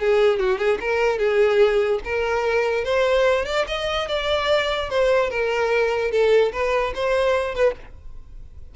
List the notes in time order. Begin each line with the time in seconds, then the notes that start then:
0.00 G#4
0.40 F#4
0.58 G#4
0.81 A#4
1.19 G#4
2.04 A#4
2.85 C5
3.45 D5
3.68 D#5
4.08 D5
4.90 C5
5.30 A#4
6.11 A4
6.53 B4
6.95 C5
7.55 B4